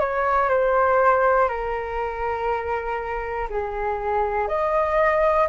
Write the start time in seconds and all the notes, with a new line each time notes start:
0.00 C#5
0.49 C5
1.49 A#4
3.50 G#4
4.48 D#5